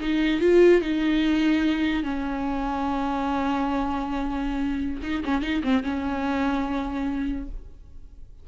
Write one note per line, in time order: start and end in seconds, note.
0.00 0.40 D#4
0.40 0.81 F4
0.81 2.03 D#4
2.03 5.01 C#4
5.02 5.23 D#4
5.24 5.42 C#4
5.42 5.62 D#4
5.63 5.83 C4
5.83 7.47 C#4